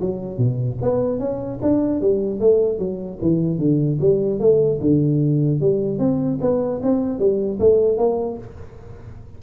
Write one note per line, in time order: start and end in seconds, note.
0.00 0.37 F#3
0.37 0.77 B2
0.82 1.19 B3
1.19 1.59 C#4
1.62 2.00 D4
2.00 2.39 G3
2.39 2.78 A3
2.78 3.18 F#3
3.21 3.58 E3
3.58 3.98 D3
4.00 4.39 G3
4.39 4.79 A3
4.81 5.60 D3
5.60 5.99 G3
5.99 6.39 C4
6.41 6.81 B3
6.82 7.18 C4
7.18 7.58 G3
7.59 7.97 A3
7.97 8.37 A#3